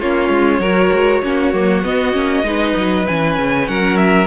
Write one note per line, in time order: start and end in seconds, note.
0.00 0.30 A#3
0.00 0.62 C#4
0.00 0.61 F4
0.00 1.85 C#5
0.30 0.60 G#3
0.60 0.90 F#3
0.60 1.24 F#4
0.60 1.22 A#4
0.92 1.23 G#3
1.23 1.53 A#3
1.23 1.53 C#4
1.23 2.46 F#4
1.53 1.84 F#3
1.53 1.83 A#3
1.83 2.13 B3
1.83 2.15 B3
1.83 3.07 D#5
2.13 2.43 A#3
2.13 2.44 C#4
2.43 2.74 G#3
2.43 3.05 D#4
2.43 3.70 B4
2.77 3.07 F#3
3.08 3.38 E3
3.08 4.27 C#4
3.08 3.68 G#5
3.38 3.69 C#3
3.68 4.27 F#3
3.68 4.27 A#4
3.68 3.97 F#5
3.97 4.27 E5